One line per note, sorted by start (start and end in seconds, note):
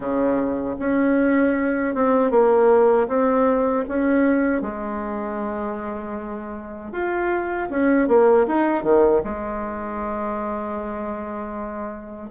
0.00 0.75 C#3
0.79 1.94 C#4
1.94 2.30 C4
2.30 3.07 A#3
3.08 3.85 C4
3.88 4.61 C#4
4.61 6.92 G#3
6.92 7.69 F4
7.70 8.08 C#4
8.08 8.46 A#3
8.47 8.83 D#4
8.83 9.21 D#3
9.23 12.30 G#3